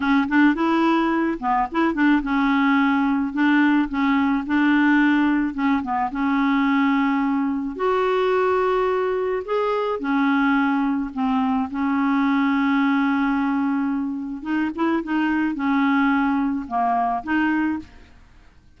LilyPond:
\new Staff \with { instrumentName = "clarinet" } { \time 4/4 \tempo 4 = 108 cis'8 d'8 e'4. b8 e'8 d'8 | cis'2 d'4 cis'4 | d'2 cis'8 b8 cis'4~ | cis'2 fis'2~ |
fis'4 gis'4 cis'2 | c'4 cis'2.~ | cis'2 dis'8 e'8 dis'4 | cis'2 ais4 dis'4 | }